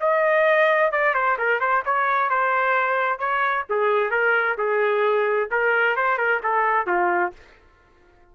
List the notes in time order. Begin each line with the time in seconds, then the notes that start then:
0.00 D#5
0.92 D5
1.14 C5
1.38 A#4
1.60 C5
1.85 C#5
2.30 C5
3.19 C#5
3.70 G#4
4.11 A#4
4.58 G#4
5.51 A#4
5.96 C5
6.18 A#4
6.43 A4
6.87 F4